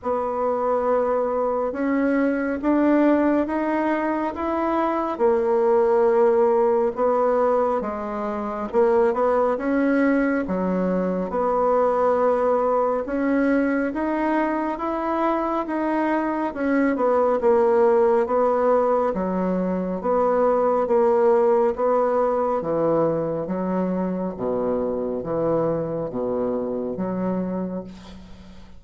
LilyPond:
\new Staff \with { instrumentName = "bassoon" } { \time 4/4 \tempo 4 = 69 b2 cis'4 d'4 | dis'4 e'4 ais2 | b4 gis4 ais8 b8 cis'4 | fis4 b2 cis'4 |
dis'4 e'4 dis'4 cis'8 b8 | ais4 b4 fis4 b4 | ais4 b4 e4 fis4 | b,4 e4 b,4 fis4 | }